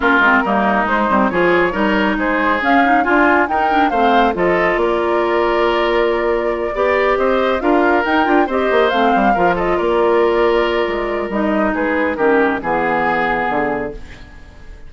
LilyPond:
<<
  \new Staff \with { instrumentName = "flute" } { \time 4/4 \tempo 4 = 138 ais'2 c''4 cis''4~ | cis''4 c''4 f''4 gis''4 | g''4 f''4 dis''4 d''4~ | d''1~ |
d''8 dis''4 f''4 g''4 dis''8~ | dis''8 f''4. dis''8 d''4.~ | d''2 dis''4 b'4 | ais'4 gis'2. | }
  \new Staff \with { instrumentName = "oboe" } { \time 4/4 f'4 dis'2 gis'4 | ais'4 gis'2 f'4 | ais'4 c''4 a'4 ais'4~ | ais'2.~ ais'8 d''8~ |
d''8 c''4 ais'2 c''8~ | c''4. ais'8 a'8 ais'4.~ | ais'2. gis'4 | g'4 gis'2. | }
  \new Staff \with { instrumentName = "clarinet" } { \time 4/4 cis'8 c'8 ais4 gis8 c'8 f'4 | dis'2 cis'8 dis'8 f'4 | dis'8 d'8 c'4 f'2~ | f'2.~ f'8 g'8~ |
g'4. f'4 dis'8 f'8 g'8~ | g'8 c'4 f'2~ f'8~ | f'2 dis'2 | cis'4 b2. | }
  \new Staff \with { instrumentName = "bassoon" } { \time 4/4 ais8 gis8 g4 gis8 g8 f4 | g4 gis4 cis'4 d'4 | dis'4 a4 f4 ais4~ | ais2.~ ais8 b8~ |
b8 c'4 d'4 dis'8 d'8 c'8 | ais8 a8 g8 f4 ais4.~ | ais4 gis4 g4 gis4 | dis4 e2 d4 | }
>>